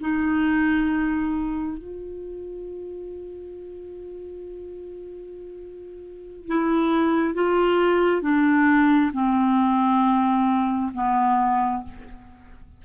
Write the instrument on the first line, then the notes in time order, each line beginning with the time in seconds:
clarinet
0.00 D#4
1.77 F4
6.47 E4
7.34 F4
8.21 D4
9.13 C4
10.93 B3